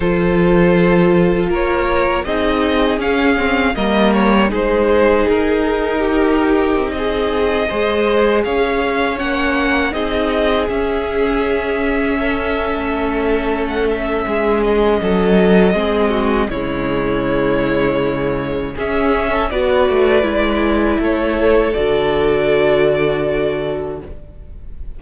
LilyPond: <<
  \new Staff \with { instrumentName = "violin" } { \time 4/4 \tempo 4 = 80 c''2 cis''4 dis''4 | f''4 dis''8 cis''8 c''4 ais'4~ | ais'4~ ais'16 dis''2 f''8.~ | f''16 fis''4 dis''4 e''4.~ e''16~ |
e''2~ e''16 fis''16 e''4 dis''8~ | dis''2 cis''2~ | cis''4 e''4 d''2 | cis''4 d''2. | }
  \new Staff \with { instrumentName = "violin" } { \time 4/4 a'2 ais'4 gis'4~ | gis'4 ais'4 gis'2 | g'4~ g'16 gis'4 c''4 cis''8.~ | cis''4~ cis''16 gis'2~ gis'8.~ |
gis'16 a'2~ a'8. gis'4 | a'4 gis'8 fis'8 e'2~ | e'4 gis'8. a'16 b'2 | a'1 | }
  \new Staff \with { instrumentName = "viola" } { \time 4/4 f'2. dis'4 | cis'8 c'8 ais4 dis'2~ | dis'2~ dis'16 gis'4.~ gis'16~ | gis'16 cis'4 dis'4 cis'4.~ cis'16~ |
cis'1~ | cis'4 c'4 gis2~ | gis4 cis'4 fis'4 e'4~ | e'4 fis'2. | }
  \new Staff \with { instrumentName = "cello" } { \time 4/4 f2 ais4 c'4 | cis'4 g4 gis4 dis'4~ | dis'4 c'4~ c'16 gis4 cis'8.~ | cis'16 ais4 c'4 cis'4.~ cis'16~ |
cis'4 a2 gis4 | fis4 gis4 cis2~ | cis4 cis'4 b8 a8 gis4 | a4 d2. | }
>>